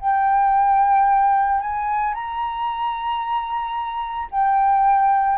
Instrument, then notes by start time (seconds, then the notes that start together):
flute
0.00 G5
1.60 G#5
2.14 A#5
4.31 G5